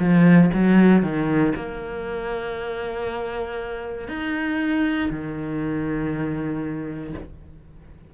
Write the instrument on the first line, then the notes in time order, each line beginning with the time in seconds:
cello
0.00 F3
0.54 F#3
1.03 D#3
1.56 A#3
4.09 D#4
5.11 D#3